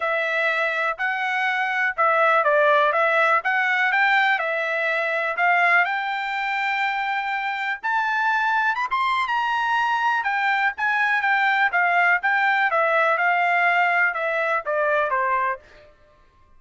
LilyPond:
\new Staff \with { instrumentName = "trumpet" } { \time 4/4 \tempo 4 = 123 e''2 fis''2 | e''4 d''4 e''4 fis''4 | g''4 e''2 f''4 | g''1 |
a''2 b''16 c'''8. ais''4~ | ais''4 g''4 gis''4 g''4 | f''4 g''4 e''4 f''4~ | f''4 e''4 d''4 c''4 | }